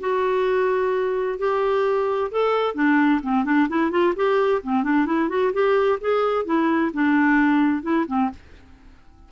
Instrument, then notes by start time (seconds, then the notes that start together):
clarinet
0.00 F#4
1.38 G4
2.31 A4
2.74 D4
3.22 C4
3.44 D4
3.69 E4
3.90 F4
4.15 G4
4.63 C4
4.83 D4
5.06 E4
5.29 F#4
5.53 G4
6.00 G#4
6.45 E4
6.93 D4
7.82 E4
8.07 C4